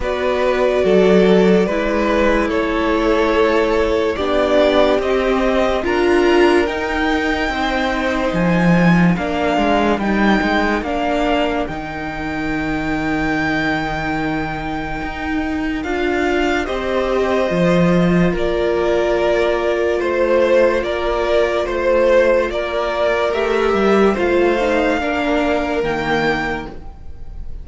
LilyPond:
<<
  \new Staff \with { instrumentName = "violin" } { \time 4/4 \tempo 4 = 72 d''2. cis''4~ | cis''4 d''4 dis''4 ais''4 | g''2 gis''4 f''4 | g''4 f''4 g''2~ |
g''2. f''4 | dis''2 d''2 | c''4 d''4 c''4 d''4 | e''4 f''2 g''4 | }
  \new Staff \with { instrumentName = "violin" } { \time 4/4 b'4 a'4 b'4 a'4~ | a'4 g'2 ais'4~ | ais'4 c''2 ais'4~ | ais'1~ |
ais'1 | c''2 ais'2 | c''4 ais'4 c''4 ais'4~ | ais'4 c''4 ais'2 | }
  \new Staff \with { instrumentName = "viola" } { \time 4/4 fis'2 e'2~ | e'4 d'4 c'4 f'4 | dis'2. d'4 | dis'4 d'4 dis'2~ |
dis'2. f'4 | g'4 f'2.~ | f'1 | g'4 f'8 dis'8 d'4 ais4 | }
  \new Staff \with { instrumentName = "cello" } { \time 4/4 b4 fis4 gis4 a4~ | a4 b4 c'4 d'4 | dis'4 c'4 f4 ais8 gis8 | g8 gis8 ais4 dis2~ |
dis2 dis'4 d'4 | c'4 f4 ais2 | a4 ais4 a4 ais4 | a8 g8 a4 ais4 dis4 | }
>>